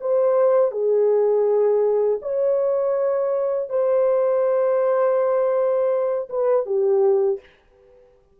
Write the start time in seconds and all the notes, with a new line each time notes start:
0.00 C5
0.71 G#4
2.21 C#5
3.69 C5
6.29 B4
6.65 G4